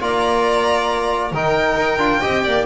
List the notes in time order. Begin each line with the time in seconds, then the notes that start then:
0.00 A#3 F4 D5 A#5
1.32 D#3 D#4 A#4 G5
1.77 D#4
1.98 D4 F4
2.20 C4 G4 D#5
2.44 A#3 D5